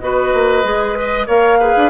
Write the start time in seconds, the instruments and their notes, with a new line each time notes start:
0.00 bassoon B3, clarinet F#4, oboe B4, flute D#5
0.34 bassoon A#3
0.64 bassoon G#3, clarinet G#4
0.96 clarinet B4, oboe D#5
1.27 bassoon A#3, clarinet A#4, oboe C#5, flute F5
1.60 clarinet G#4, oboe B4
1.77 bassoon D4